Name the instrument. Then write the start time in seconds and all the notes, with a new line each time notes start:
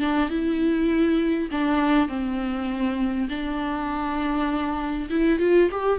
viola
0.00 D4
0.30 E4
1.51 D4
2.09 C4
3.29 D4
5.10 E4
5.39 F4
5.72 G4